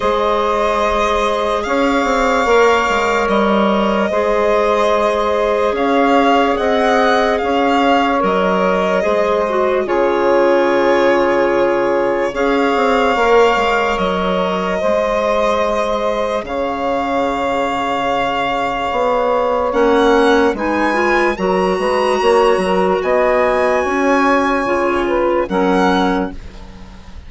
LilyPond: <<
  \new Staff \with { instrumentName = "violin" } { \time 4/4 \tempo 4 = 73 dis''2 f''2 | dis''2. f''4 | fis''4 f''4 dis''2 | cis''2. f''4~ |
f''4 dis''2. | f''1 | fis''4 gis''4 ais''2 | gis''2. fis''4 | }
  \new Staff \with { instrumentName = "saxophone" } { \time 4/4 c''2 cis''2~ | cis''4 c''2 cis''4 | dis''4 cis''2 c''4 | gis'2. cis''4~ |
cis''2 c''2 | cis''1~ | cis''4 b'4 ais'8 b'8 cis''8 ais'8 | dis''4 cis''4. b'8 ais'4 | }
  \new Staff \with { instrumentName = "clarinet" } { \time 4/4 gis'2. ais'4~ | ais'4 gis'2.~ | gis'2 ais'4 gis'8 fis'8 | f'2. gis'4 |
ais'2 gis'2~ | gis'1 | cis'4 dis'8 f'8 fis'2~ | fis'2 f'4 cis'4 | }
  \new Staff \with { instrumentName = "bassoon" } { \time 4/4 gis2 cis'8 c'8 ais8 gis8 | g4 gis2 cis'4 | c'4 cis'4 fis4 gis4 | cis2. cis'8 c'8 |
ais8 gis8 fis4 gis2 | cis2. b4 | ais4 gis4 fis8 gis8 ais8 fis8 | b4 cis'4 cis4 fis4 | }
>>